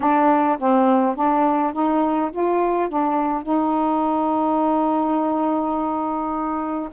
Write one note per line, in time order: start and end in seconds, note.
0.00 0.58 D4
0.58 1.15 C4
1.15 1.73 D4
1.73 2.30 D#4
2.31 2.88 F4
2.88 3.42 D4
3.42 6.89 D#4